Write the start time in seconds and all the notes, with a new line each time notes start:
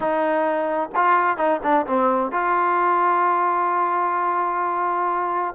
0.00 D#4
0.95 F4
1.37 D#4
1.63 D4
1.86 C4
2.31 F4